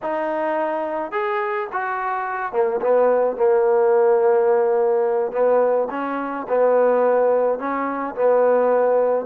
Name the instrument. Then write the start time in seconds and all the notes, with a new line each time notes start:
trombone
0.02 D#4
1.11 G#4
1.72 F#4
2.52 A#3
2.81 B3
3.36 A#3
5.32 B3
5.90 C#4
6.48 B3
7.59 C#4
8.15 B3